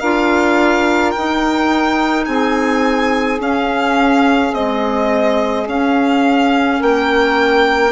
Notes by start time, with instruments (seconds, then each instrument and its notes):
0.00 bassoon D4, clarinet F4, saxophone A#4, violin F5
1.12 bassoon D#4, clarinet D#4, violin G5
2.26 bassoon C4, saxophone G#4, violin G#5
3.39 clarinet C#4, bassoon C#4, violin F5
4.53 clarinet G#3, bassoon C4, violin D#5
5.67 bassoon C#4, clarinet C#4, violin F5
6.79 bassoon A#3, saxophone A#4, violin G5